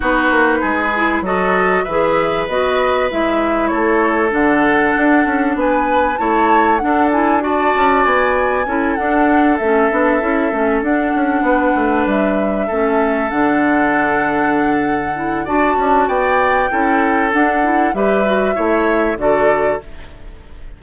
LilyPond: <<
  \new Staff \with { instrumentName = "flute" } { \time 4/4 \tempo 4 = 97 b'2 dis''4 e''4 | dis''4 e''4 cis''4 fis''4~ | fis''4 gis''4 a''4 fis''8 gis''8 | a''4 gis''4. fis''4 e''8~ |
e''4. fis''2 e''8~ | e''4. fis''2~ fis''8~ | fis''4 a''4 g''2 | fis''4 e''2 d''4 | }
  \new Staff \with { instrumentName = "oboe" } { \time 4/4 fis'4 gis'4 a'4 b'4~ | b'2 a'2~ | a'4 b'4 cis''4 a'4 | d''2 a'2~ |
a'2~ a'8 b'4.~ | b'8 a'2.~ a'8~ | a'4 d''8 d'8 d''4 a'4~ | a'4 b'4 cis''4 a'4 | }
  \new Staff \with { instrumentName = "clarinet" } { \time 4/4 dis'4. e'8 fis'4 gis'4 | fis'4 e'2 d'4~ | d'2 e'4 d'8 e'8 | fis'2 e'8 d'4 cis'8 |
d'8 e'8 cis'8 d'2~ d'8~ | d'8 cis'4 d'2~ d'8~ | d'8 e'8 fis'2 e'4 | d'8 e'8 g'8 fis'8 e'4 fis'4 | }
  \new Staff \with { instrumentName = "bassoon" } { \time 4/4 b8 ais8 gis4 fis4 e4 | b4 gis4 a4 d4 | d'8 cis'8 b4 a4 d'4~ | d'8 cis'8 b4 cis'8 d'4 a8 |
b8 cis'8 a8 d'8 cis'8 b8 a8 g8~ | g8 a4 d2~ d8~ | d4 d'8 cis'8 b4 cis'4 | d'4 g4 a4 d4 | }
>>